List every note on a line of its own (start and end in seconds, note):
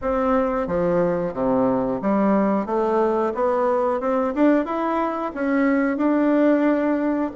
0.02 0.67 C4
0.67 1.33 F3
1.33 2.00 C3
2.01 2.66 G3
2.66 3.32 A3
3.34 4.00 B3
4.00 4.33 C4
4.34 4.65 D4
4.65 5.32 E4
5.34 5.97 C#4
5.97 7.30 D4